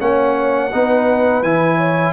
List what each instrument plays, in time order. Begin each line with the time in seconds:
0.00 tuba A#3, trombone C#4, horn C#5, trumpet F#5
0.72 tuba B3, trombone D#4, horn B4
1.43 tuba E3, trombone E4, trumpet G#5
1.78 horn C#5